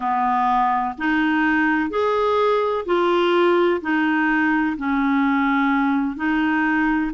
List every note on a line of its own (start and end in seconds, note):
0.00 0.95 B3
0.98 1.90 D#4
1.90 2.85 G#4
2.85 3.81 F4
3.81 4.76 D#4
4.77 6.16 C#4
6.16 7.11 D#4